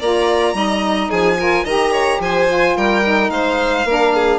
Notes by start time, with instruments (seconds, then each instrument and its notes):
0.00 bassoon A#3, saxophone F4, violin D5 A#5
0.54 bassoon G3, saxophone D#4, violin D#5
1.11 bassoon F3, violin G#4 G#5
1.38 saxophone F4, violin A#4
1.65 bassoon D#3, saxophone G4, violin D#5 A#5
1.92 violin C#5
2.20 bassoon F3, violin C5 G#5
2.48 saxophone F4
2.77 bassoon G3, violin A#4 G5
3.04 saxophone D#4
3.30 bassoon G#3, violin C5 F5
3.85 bassoon A#3, saxophone D4, violin A#4
4.15 violin G#4